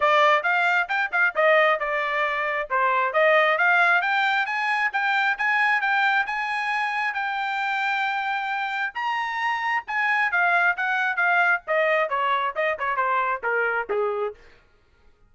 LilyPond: \new Staff \with { instrumentName = "trumpet" } { \time 4/4 \tempo 4 = 134 d''4 f''4 g''8 f''8 dis''4 | d''2 c''4 dis''4 | f''4 g''4 gis''4 g''4 | gis''4 g''4 gis''2 |
g''1 | ais''2 gis''4 f''4 | fis''4 f''4 dis''4 cis''4 | dis''8 cis''8 c''4 ais'4 gis'4 | }